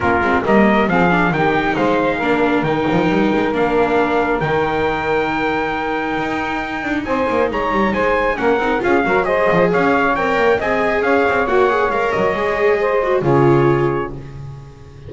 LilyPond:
<<
  \new Staff \with { instrumentName = "trumpet" } { \time 4/4 \tempo 4 = 136 ais'4 dis''4 f''4 g''4 | f''2 g''2 | f''2 g''2~ | g''1 |
gis''4 ais''4 gis''4 fis''4 | f''4 dis''4 f''4 g''4 | gis''4 f''4 fis''4 f''8 dis''8~ | dis''2 cis''2 | }
  \new Staff \with { instrumentName = "saxophone" } { \time 4/4 f'4 ais'4 gis'4 g'4 | c''4 ais'2.~ | ais'1~ | ais'1 |
c''4 cis''4 c''4 ais'4 | gis'8 ais'8 c''4 cis''2 | dis''4 cis''2.~ | cis''4 c''4 gis'2 | }
  \new Staff \with { instrumentName = "viola" } { \time 4/4 cis'8 c'8 ais4 c'8 d'8 dis'4~ | dis'4 d'4 dis'2 | d'2 dis'2~ | dis'1~ |
dis'2. cis'8 dis'8 | f'8 fis'8 gis'2 ais'4 | gis'2 fis'8 gis'8 ais'4 | gis'4. fis'8 f'2 | }
  \new Staff \with { instrumentName = "double bass" } { \time 4/4 ais8 gis8 g4 f4 dis4 | gis4 ais4 dis8 f8 g8 gis8 | ais2 dis2~ | dis2 dis'4. d'8 |
c'8 ais8 gis8 g8 gis4 ais8 c'8 | cis'8 fis4 f8 cis'4 c'8 ais8 | c'4 cis'8 c'8 ais4 gis8 fis8 | gis2 cis2 | }
>>